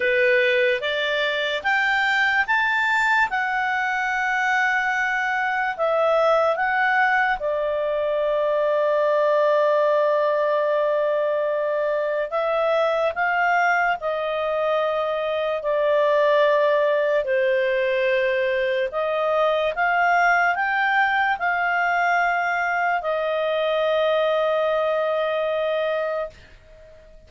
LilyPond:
\new Staff \with { instrumentName = "clarinet" } { \time 4/4 \tempo 4 = 73 b'4 d''4 g''4 a''4 | fis''2. e''4 | fis''4 d''2.~ | d''2. e''4 |
f''4 dis''2 d''4~ | d''4 c''2 dis''4 | f''4 g''4 f''2 | dis''1 | }